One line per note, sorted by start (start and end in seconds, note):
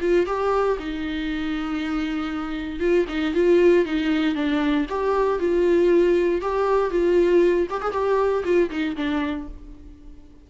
0.00 0.26 F4
0.26 0.77 G4
0.79 2.79 D#4
2.79 3.05 F4
3.08 3.34 D#4
3.34 3.85 F4
3.85 4.34 D#4
4.34 4.86 D4
4.89 5.39 G4
5.39 6.41 F4
6.41 6.90 G4
6.90 7.67 F4
7.70 7.81 G4
7.81 7.92 G#4
7.92 8.43 G4
8.44 8.69 F4
8.70 8.96 D#4
8.96 9.47 D4